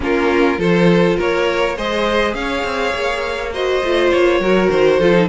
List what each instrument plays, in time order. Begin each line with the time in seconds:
0.00 cello A#3, viola C#4, violin F4 A#4
0.57 cello F3, viola F4, violin A4 C5
1.17 cello A#3, violin A#4 C#5
1.76 cello G#3, viola G#4, violin C5 D#5
2.33 cello C#4, violin C#5 F5
2.64 cello C4
2.94 cello A#3
3.52 viola F#4, violin C5 D#5
3.83 cello A3, viola F4
4.10 cello A#3, violin C#5
4.39 cello F#3, viola F#4, violin A#4
4.70 cello D#3, violin C5
4.99 cello F3, viola F4, violin A4
5.13 viola D#4